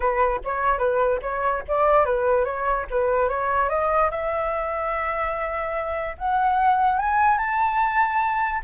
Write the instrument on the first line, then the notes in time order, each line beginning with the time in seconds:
flute
0.00 B4
0.44 C#5
0.78 B4
1.22 C#5
1.68 D5
2.05 B4
2.44 C#5
2.90 B4
3.29 C#5
3.69 D#5
4.10 E5
6.18 F#5
6.98 G#5
7.38 A5